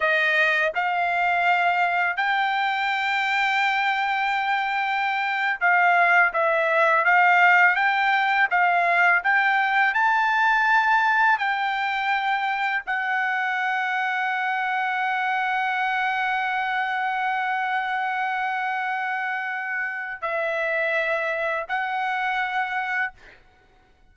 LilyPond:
\new Staff \with { instrumentName = "trumpet" } { \time 4/4 \tempo 4 = 83 dis''4 f''2 g''4~ | g''2.~ g''8. f''16~ | f''8. e''4 f''4 g''4 f''16~ | f''8. g''4 a''2 g''16~ |
g''4.~ g''16 fis''2~ fis''16~ | fis''1~ | fis''1 | e''2 fis''2 | }